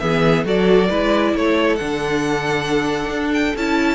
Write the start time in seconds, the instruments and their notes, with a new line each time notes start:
0.00 cello E3, viola B3, violin G#4 E5
0.45 cello F#3, viola F#4, violin A4 D5
0.90 cello G#3, viola E4, violin B4
1.35 cello A3, violin A4 C#5
1.76 cello D3, viola D4, violin F#5
3.10 cello D4
3.34 violin G5
3.56 cello C#4, viola E4, violin A5